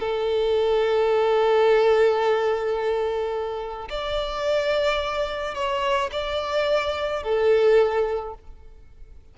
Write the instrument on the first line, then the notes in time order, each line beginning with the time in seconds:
violin
0.00 A4
3.90 D5
5.55 C#5
6.12 D5
7.23 A4